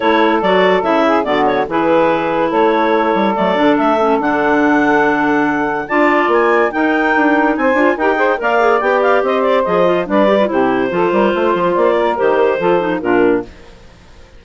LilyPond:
<<
  \new Staff \with { instrumentName = "clarinet" } { \time 4/4 \tempo 4 = 143 cis''4 d''4 e''4 d''8 cis''8 | b'2 cis''2 | d''4 e''4 fis''2~ | fis''2 a''4 gis''4 |
g''2 gis''4 g''4 | f''4 g''8 f''8 dis''8 d''8 dis''4 | d''4 c''2. | d''4 c''2 ais'4 | }
  \new Staff \with { instrumentName = "saxophone" } { \time 4/4 a'2~ a'8 gis'8 fis'4 | gis'2 a'2~ | a'1~ | a'2 d''2 |
ais'2 c''4 ais'8 c''8 | d''2 c''2 | b'4 g'4 a'8 ais'8 c''4~ | c''8 ais'4. a'4 f'4 | }
  \new Staff \with { instrumentName = "clarinet" } { \time 4/4 e'4 fis'4 e'4 b4 | e'1 | a8 d'4 cis'8 d'2~ | d'2 f'2 |
dis'2~ dis'8 f'8 g'8 gis'8 | ais'8 gis'8 g'2 gis'8 f'8 | d'8 g'16 f'16 e'4 f'2~ | f'4 g'4 f'8 dis'8 d'4 | }
  \new Staff \with { instrumentName = "bassoon" } { \time 4/4 a4 fis4 cis4 d4 | e2 a4. g8 | fis8 d8 a4 d2~ | d2 d'4 ais4 |
dis'4 d'4 c'8 d'8 dis'4 | ais4 b4 c'4 f4 | g4 c4 f8 g8 a8 f8 | ais4 dis4 f4 ais,4 | }
>>